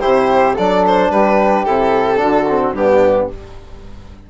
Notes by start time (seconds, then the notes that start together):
0.00 C3 E4 G4 C5
0.54 F#3 D4 A4 D5
0.86 C5
1.10 G3 G4 B4
1.64 C3 E4 A4
2.16 D3 D4 F#4
2.48 C4
2.72 G2 B3 D4 G4